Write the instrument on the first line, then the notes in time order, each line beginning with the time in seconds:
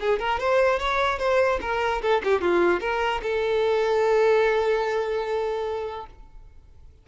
violin
0.00 G#4
0.19 A#4
0.39 C5
0.79 C#5
1.19 C5
1.61 A#4
2.02 A4
2.24 G4
2.41 F4
2.80 A#4
3.22 A4